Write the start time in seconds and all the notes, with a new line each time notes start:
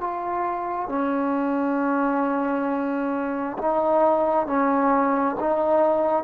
0.00 F4
0.88 C#4
3.58 D#4
4.46 C#4
5.39 D#4